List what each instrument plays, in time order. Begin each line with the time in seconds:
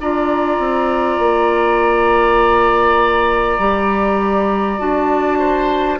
0.00 bassoon D4, clarinet F4, oboe D5, flute A#5
0.58 bassoon C4
1.18 bassoon A#3
3.58 bassoon G3, clarinet G4
4.78 bassoon D4, clarinet F#4, flute A5
5.38 oboe C5